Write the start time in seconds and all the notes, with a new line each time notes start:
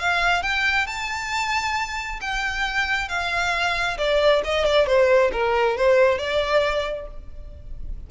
0.00 F5
0.43 G5
0.87 A5
2.21 G5
3.09 F5
3.98 D5
4.44 D#5
4.65 D5
4.87 C5
5.33 A#4
5.77 C5
6.19 D5